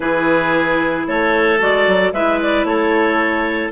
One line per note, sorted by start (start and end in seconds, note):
0.00 1.06 E3
0.00 1.59 E4
0.00 1.07 G#4
0.00 1.05 B4
1.07 1.60 A3
1.07 2.13 A4
1.07 1.61 C#5
1.59 1.87 G#3
1.59 2.12 F#4
1.59 2.13 D5
1.87 2.12 F#3
2.12 2.63 G#3
2.12 3.71 E4
2.12 2.66 B4
2.12 2.39 E5
2.41 2.65 D5
2.63 3.70 A3
2.63 3.71 A4
2.63 3.71 C#5